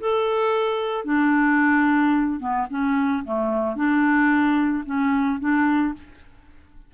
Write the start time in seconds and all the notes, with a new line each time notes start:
0.00 A4
1.04 D4
2.39 B3
2.70 C#4
3.24 A3
3.75 D4
4.85 C#4
5.39 D4